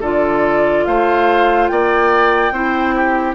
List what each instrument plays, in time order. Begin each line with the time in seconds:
0.00 bassoon D3, clarinet F4, oboe A4, flute D5
0.85 bassoon A3, oboe C5, flute F5
1.67 bassoon A#3, oboe D5, flute G5
2.51 bassoon C4, clarinet E4, oboe C5
2.95 oboe G4